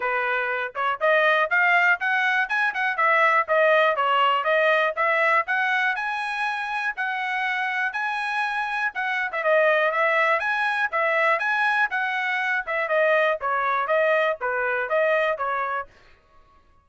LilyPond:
\new Staff \with { instrumentName = "trumpet" } { \time 4/4 \tempo 4 = 121 b'4. cis''8 dis''4 f''4 | fis''4 gis''8 fis''8 e''4 dis''4 | cis''4 dis''4 e''4 fis''4 | gis''2 fis''2 |
gis''2 fis''8. e''16 dis''4 | e''4 gis''4 e''4 gis''4 | fis''4. e''8 dis''4 cis''4 | dis''4 b'4 dis''4 cis''4 | }